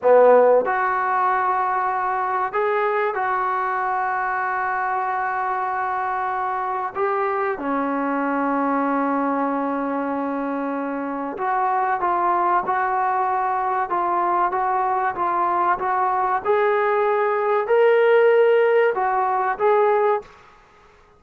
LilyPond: \new Staff \with { instrumentName = "trombone" } { \time 4/4 \tempo 4 = 95 b4 fis'2. | gis'4 fis'2.~ | fis'2. g'4 | cis'1~ |
cis'2 fis'4 f'4 | fis'2 f'4 fis'4 | f'4 fis'4 gis'2 | ais'2 fis'4 gis'4 | }